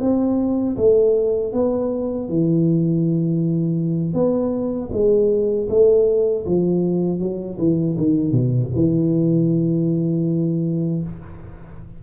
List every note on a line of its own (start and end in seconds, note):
0.00 0.76 C4
0.77 1.53 A3
1.53 2.29 B3
2.29 4.14 E3
4.14 4.90 B3
4.92 5.68 G#3
5.69 6.45 A3
6.46 7.19 F3
7.19 7.57 F#3
7.58 7.96 E3
7.97 8.31 D#3
8.31 8.69 B2
8.75 11.03 E3